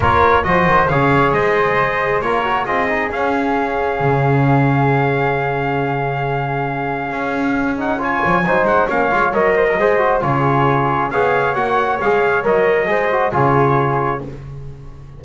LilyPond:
<<
  \new Staff \with { instrumentName = "trumpet" } { \time 4/4 \tempo 4 = 135 cis''4 dis''4 f''4 dis''4~ | dis''4 cis''4 dis''4 f''4~ | f''1~ | f''1~ |
f''4. fis''8 gis''4. fis''8 | f''4 dis''2 cis''4~ | cis''4 f''4 fis''4 f''4 | dis''2 cis''2 | }
  \new Staff \with { instrumentName = "flute" } { \time 4/4 ais'4 c''4 cis''4 c''4~ | c''4 ais'4 gis'2~ | gis'1~ | gis'1~ |
gis'2 cis''4 c''4 | cis''4. c''16 ais'16 c''4 gis'4~ | gis'4 cis''2.~ | cis''4 c''4 gis'2 | }
  \new Staff \with { instrumentName = "trombone" } { \time 4/4 f'4 fis'4 gis'2~ | gis'4 f'8 fis'8 f'8 dis'8 cis'4~ | cis'1~ | cis'1~ |
cis'4. dis'8 f'4 dis'4 | cis'8 f'8 ais'4 gis'8 fis'8 f'4~ | f'4 gis'4 fis'4 gis'4 | ais'4 gis'8 fis'8 f'2 | }
  \new Staff \with { instrumentName = "double bass" } { \time 4/4 ais4 f8 dis8 cis4 gis4~ | gis4 ais4 c'4 cis'4~ | cis'4 cis2.~ | cis1 |
cis'2~ cis'8 f8 fis8 gis8 | ais8 gis8 fis4 gis4 cis4~ | cis4 b4 ais4 gis4 | fis4 gis4 cis2 | }
>>